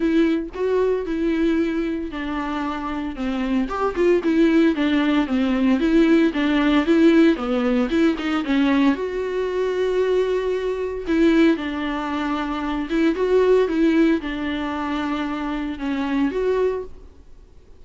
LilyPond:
\new Staff \with { instrumentName = "viola" } { \time 4/4 \tempo 4 = 114 e'4 fis'4 e'2 | d'2 c'4 g'8 f'8 | e'4 d'4 c'4 e'4 | d'4 e'4 b4 e'8 dis'8 |
cis'4 fis'2.~ | fis'4 e'4 d'2~ | d'8 e'8 fis'4 e'4 d'4~ | d'2 cis'4 fis'4 | }